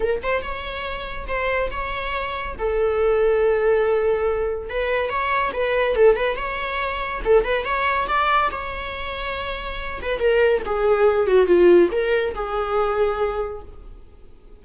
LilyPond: \new Staff \with { instrumentName = "viola" } { \time 4/4 \tempo 4 = 141 ais'8 c''8 cis''2 c''4 | cis''2 a'2~ | a'2. b'4 | cis''4 b'4 a'8 b'8 cis''4~ |
cis''4 a'8 b'8 cis''4 d''4 | cis''2.~ cis''8 b'8 | ais'4 gis'4. fis'8 f'4 | ais'4 gis'2. | }